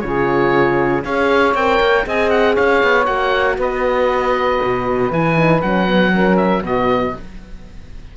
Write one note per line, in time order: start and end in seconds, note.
0.00 1.05 C#3
0.00 1.04 F4
0.00 1.03 G#4
0.00 1.02 C#5
1.03 1.54 C#4
1.03 1.56 G#4
1.03 2.04 C#5
1.03 1.55 F5
1.54 1.79 C4
1.54 2.04 A#4
1.54 2.06 G5
1.80 2.05 A#3
2.04 2.57 C4
2.04 3.04 G#4
2.04 2.53 D#5
2.04 2.30 G#5
2.30 2.55 F#5
2.53 2.83 C#4
2.53 3.55 C#5
2.53 3.05 F5
2.83 3.07 B3
3.04 3.58 A#3
3.04 5.07 F#4
3.04 3.56 F#5
3.58 4.59 B3
3.58 6.12 B4
3.58 5.12 D#5
4.62 5.11 B2
5.10 5.61 E3
5.10 5.36 E4
5.10 5.61 G#5
5.37 5.62 D#4
5.61 6.62 F#3
5.61 5.87 C#4
5.61 6.36 F#5
5.87 6.12 B3
6.12 6.63 C#4
6.12 6.61 A#4
6.36 6.62 E5
6.61 7.13 B2
6.61 7.15 B3
6.61 7.12 F#4
6.61 7.17 D#5